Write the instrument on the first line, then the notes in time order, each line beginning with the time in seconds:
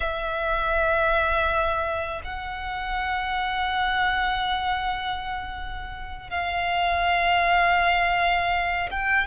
violin
0.00 E5
2.24 F#5
6.30 F5
8.91 G5